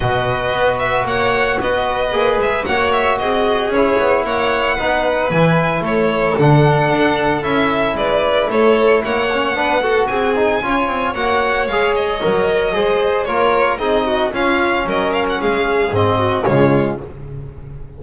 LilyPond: <<
  \new Staff \with { instrumentName = "violin" } { \time 4/4 \tempo 4 = 113 dis''4. e''8 fis''4 dis''4~ | dis''8 e''8 fis''8 e''8 dis''4 cis''4 | fis''2 gis''4 cis''4 | fis''2 e''4 d''4 |
cis''4 fis''2 gis''4~ | gis''4 fis''4 f''8 dis''4.~ | dis''4 cis''4 dis''4 f''4 | dis''8 f''16 fis''16 f''4 dis''4 cis''4 | }
  \new Staff \with { instrumentName = "violin" } { \time 4/4 b'2 cis''4 b'4~ | b'4 cis''4 gis'2 | cis''4 b'2 a'4~ | a'2. b'4 |
a'4 cis''4 b'8 a'8 gis'4 | cis''1 | c''4 ais'4 gis'8 fis'8 f'4 | ais'4 gis'4. fis'8 f'4 | }
  \new Staff \with { instrumentName = "trombone" } { \time 4/4 fis'1 | gis'4 fis'2 e'4~ | e'4 dis'4 e'2 | d'2 e'2~ |
e'4. cis'8 d'8 fis'4 dis'8 | f'4 fis'4 gis'4 ais'4 | gis'4 f'4 dis'4 cis'4~ | cis'2 c'4 gis4 | }
  \new Staff \with { instrumentName = "double bass" } { \time 4/4 b,4 b4 ais4 b4 | ais8 gis8 ais4 c'4 cis'8 b8 | ais4 b4 e4 a4 | d4 d'4 cis'4 gis4 |
a4 ais4 b4 c'4 | cis'8 c'8 ais4 gis4 fis4 | gis4 ais4 c'4 cis'4 | fis4 gis4 gis,4 cis4 | }
>>